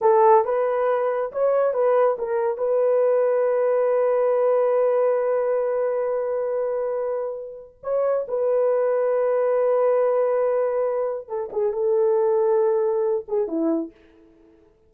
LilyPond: \new Staff \with { instrumentName = "horn" } { \time 4/4 \tempo 4 = 138 a'4 b'2 cis''4 | b'4 ais'4 b'2~ | b'1~ | b'1~ |
b'2 cis''4 b'4~ | b'1~ | b'2 a'8 gis'8 a'4~ | a'2~ a'8 gis'8 e'4 | }